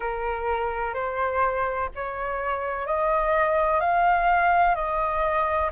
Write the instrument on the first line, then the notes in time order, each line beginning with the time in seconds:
flute
0.00 A#4
0.94 C5
1.95 C#5
2.86 D#5
3.80 F5
4.74 D#5